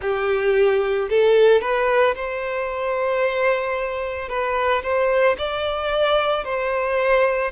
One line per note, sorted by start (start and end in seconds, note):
0.01 1.08 G4
1.09 1.61 A4
1.61 2.14 B4
2.15 4.29 C5
4.29 4.82 B4
4.83 5.36 C5
5.38 6.44 D5
6.44 7.51 C5